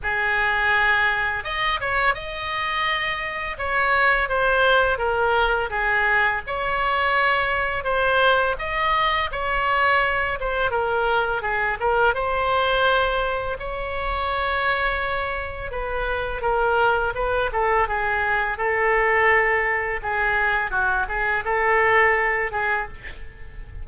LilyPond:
\new Staff \with { instrumentName = "oboe" } { \time 4/4 \tempo 4 = 84 gis'2 dis''8 cis''8 dis''4~ | dis''4 cis''4 c''4 ais'4 | gis'4 cis''2 c''4 | dis''4 cis''4. c''8 ais'4 |
gis'8 ais'8 c''2 cis''4~ | cis''2 b'4 ais'4 | b'8 a'8 gis'4 a'2 | gis'4 fis'8 gis'8 a'4. gis'8 | }